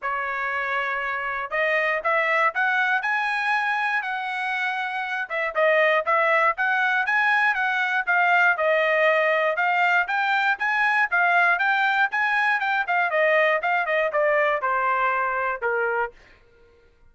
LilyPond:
\new Staff \with { instrumentName = "trumpet" } { \time 4/4 \tempo 4 = 119 cis''2. dis''4 | e''4 fis''4 gis''2 | fis''2~ fis''8 e''8 dis''4 | e''4 fis''4 gis''4 fis''4 |
f''4 dis''2 f''4 | g''4 gis''4 f''4 g''4 | gis''4 g''8 f''8 dis''4 f''8 dis''8 | d''4 c''2 ais'4 | }